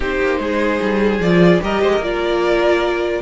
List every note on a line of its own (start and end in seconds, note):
0.00 0.20 C4
0.00 1.21 D#4
0.00 0.39 G4
0.00 1.21 C5
0.21 0.39 A#3
0.39 0.79 G#3
0.39 1.61 G#4
0.81 1.19 G3
1.19 1.59 F3
1.19 1.61 F4
1.19 1.61 D5
1.61 1.82 G3
1.61 2.01 G4
1.61 1.81 A#4
1.61 2.03 D#5
1.81 1.99 G#3
1.81 1.91 C5
1.91 3.21 A#4
1.99 3.19 A#3
1.99 3.21 F4
1.99 3.21 D5